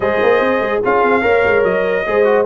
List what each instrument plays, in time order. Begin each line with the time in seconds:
0.00 tuba G#3, trombone G#4, horn C5, trumpet D#5
0.22 tuba A#3
0.40 tuba C4
0.59 tuba G#3
0.83 tuba C#4, trombone F4, horn G#4, trumpet F5
1.03 tuba C4
1.21 tuba A#3, trombone A#4, horn C#5
1.45 tuba G#3
1.63 tuba F#3, trumpet D#5
2.06 tuba G#3, trombone G#4, horn C5
2.24 trombone F#4